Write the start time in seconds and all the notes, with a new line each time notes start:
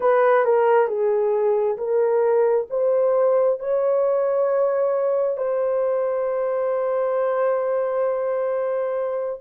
0.00 B4
0.45 A#4
0.87 G#4
1.77 A#4
2.69 C5
3.59 C#5
5.37 C5